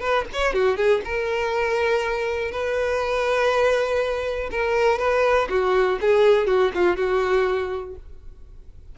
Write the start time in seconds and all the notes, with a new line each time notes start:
0.00 B4
0.33 C#5
0.53 F#4
0.77 G#4
1.05 A#4
2.52 B4
4.51 A#4
4.99 B4
5.50 F#4
6.01 G#4
6.47 F#4
6.75 F4
6.96 F#4